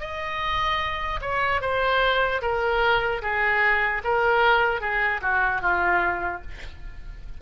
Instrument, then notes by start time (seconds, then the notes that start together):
oboe
0.00 D#5
1.21 C#5
1.61 C5
2.41 A#4
3.22 G#4
4.04 A#4
4.81 G#4
5.22 F#4
5.61 F4